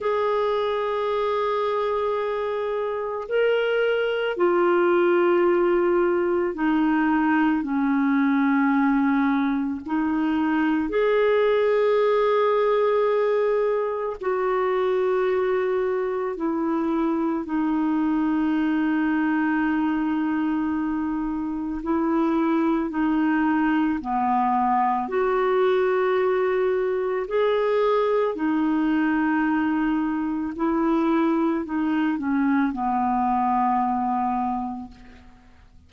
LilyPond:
\new Staff \with { instrumentName = "clarinet" } { \time 4/4 \tempo 4 = 55 gis'2. ais'4 | f'2 dis'4 cis'4~ | cis'4 dis'4 gis'2~ | gis'4 fis'2 e'4 |
dis'1 | e'4 dis'4 b4 fis'4~ | fis'4 gis'4 dis'2 | e'4 dis'8 cis'8 b2 | }